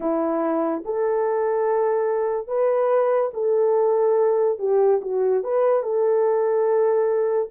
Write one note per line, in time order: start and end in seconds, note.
0.00 0.83 E4
0.84 2.47 A4
2.47 3.30 B4
3.33 4.58 A4
4.58 5.00 G4
5.02 5.43 F#4
5.43 5.82 B4
5.82 7.49 A4